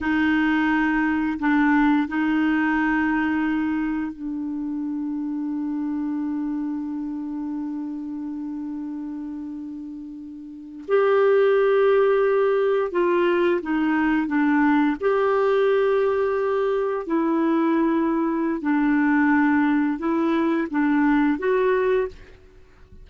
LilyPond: \new Staff \with { instrumentName = "clarinet" } { \time 4/4 \tempo 4 = 87 dis'2 d'4 dis'4~ | dis'2 d'2~ | d'1~ | d'2.~ d'8. g'16~ |
g'2~ g'8. f'4 dis'16~ | dis'8. d'4 g'2~ g'16~ | g'8. e'2~ e'16 d'4~ | d'4 e'4 d'4 fis'4 | }